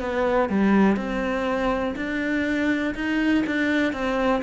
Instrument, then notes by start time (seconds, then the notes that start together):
cello
0.00 B3
0.49 G3
0.96 C4
1.96 D4
2.95 D#4
3.46 D4
3.93 C4